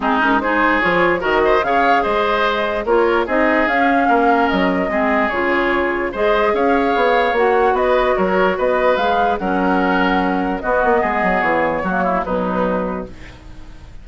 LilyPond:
<<
  \new Staff \with { instrumentName = "flute" } { \time 4/4 \tempo 4 = 147 gis'8 ais'8 c''4 cis''4 dis''4 | f''4 dis''2 cis''4 | dis''4 f''2 dis''4~ | dis''4 cis''2 dis''4 |
f''2 fis''4 dis''4 | cis''4 dis''4 f''4 fis''4~ | fis''2 dis''2 | cis''2 b'2 | }
  \new Staff \with { instrumentName = "oboe" } { \time 4/4 dis'4 gis'2 ais'8 c''8 | cis''4 c''2 ais'4 | gis'2 ais'2 | gis'2. c''4 |
cis''2. b'4 | ais'4 b'2 ais'4~ | ais'2 fis'4 gis'4~ | gis'4 fis'8 e'8 dis'2 | }
  \new Staff \with { instrumentName = "clarinet" } { \time 4/4 c'8 cis'8 dis'4 f'4 fis'4 | gis'2. f'4 | dis'4 cis'2. | c'4 f'2 gis'4~ |
gis'2 fis'2~ | fis'2 gis'4 cis'4~ | cis'2 b2~ | b4 ais4 fis2 | }
  \new Staff \with { instrumentName = "bassoon" } { \time 4/4 gis2 f4 dis4 | cis4 gis2 ais4 | c'4 cis'4 ais4 fis4 | gis4 cis2 gis4 |
cis'4 b4 ais4 b4 | fis4 b4 gis4 fis4~ | fis2 b8 ais8 gis8 fis8 | e4 fis4 b,2 | }
>>